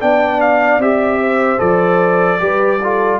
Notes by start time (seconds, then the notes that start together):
0.00 B3 D4 D5 G5
0.41 F5
0.78 C4 G4 E5
1.20 C5
1.58 F3 A4 D5
2.39 G3 G4 B4
2.83 F4 A4